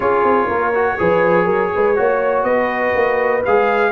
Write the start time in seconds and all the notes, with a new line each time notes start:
0.00 C#4 F4 G#4 C#5
0.23 C4
0.47 A#3 A#4
0.74 F#4
0.98 F3 G#4 B4
1.45 F#3 A#4
1.74 G#3 B4
1.95 A#3 F#4 C#5
2.43 B3 B4 D#5
2.95 A#3
3.45 G#3 G#4 F5